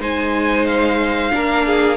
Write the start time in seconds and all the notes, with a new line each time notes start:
0.00 G#3 D#4 C5 G#5
0.66 F5
1.32 A#3 D4 A#4
1.67 G#4